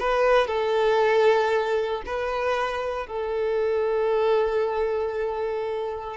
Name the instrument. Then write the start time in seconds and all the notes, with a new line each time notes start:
violin
0.00 B4
0.47 A4
2.06 B4
3.07 A4